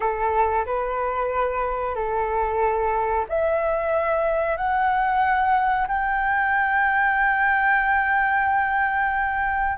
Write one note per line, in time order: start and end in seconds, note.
0.00 0.65 A4
0.65 1.95 B4
1.95 3.25 A4
3.28 4.56 E5
4.56 5.87 F#5
5.87 9.78 G5